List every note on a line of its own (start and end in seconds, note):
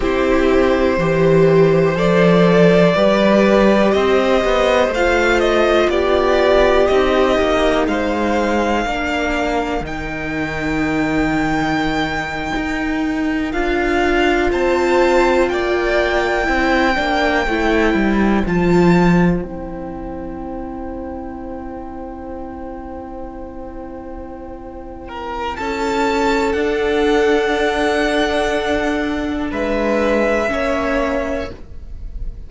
0.00 0.97 C4
0.00 0.99 E4
0.00 0.98 G4
0.00 1.97 C5
0.97 1.95 E3
0.97 1.95 G4
0.97 2.95 C5
1.95 2.94 F3
1.95 2.93 A4
1.95 3.92 D5
2.95 3.93 G3
2.95 4.92 G4
2.95 3.94 B4
3.92 4.43 C4
3.92 5.90 C5
3.92 4.90 D#5
4.44 4.88 B3
4.88 5.86 A3
4.94 6.90 F4
4.94 5.39 F5
5.39 5.88 D#5
5.89 6.87 B3
5.89 7.87 G4
5.89 6.86 D5
6.86 7.38 C4
6.86 8.85 D#4
6.86 7.85 D#5
7.38 7.87 A#3
7.87 8.85 G#3
7.87 8.86 C5
7.87 9.84 F5
8.85 9.81 A#3
8.85 9.83 D4
8.85 14.51 A#4
9.81 12.51 D#3
9.81 13.52 D#4
9.81 13.51 G5
12.56 13.53 D#4
13.51 14.51 D4
13.51 16.44 F4
13.51 14.50 F5
14.51 15.50 C4
14.51 15.49 C5
14.51 15.49 A5
15.49 16.48 A#3
15.49 16.48 D5
15.49 18.44 G5
16.44 16.97 C4
16.44 16.93 E4
16.44 25.08 C5
16.95 17.47 A#3
16.95 17.44 D4
17.47 17.94 A3
17.47 18.46 E4
17.94 18.43 G3
18.46 19.43 F3
18.46 19.44 F4
18.46 19.42 A5
19.42 25.58 C4
19.42 26.56 E4
19.42 25.56 G5
25.08 25.57 A#4
25.56 26.54 C#4
25.56 29.50 A4
25.56 26.52 A5
26.52 29.49 D4
26.52 30.47 D4
26.52 29.47 F#5
29.50 30.50 G#3
29.50 30.49 B4
29.50 31.49 E5
30.47 31.50 A#3
30.47 31.45 C#4
30.47 31.50 C#5